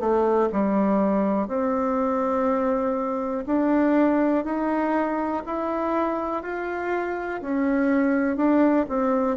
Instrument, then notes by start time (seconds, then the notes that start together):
bassoon
0.00 A3
0.52 G3
1.48 C4
3.46 D4
4.44 D#4
5.46 E4
6.42 F4
7.42 C#4
8.37 D4
8.89 C4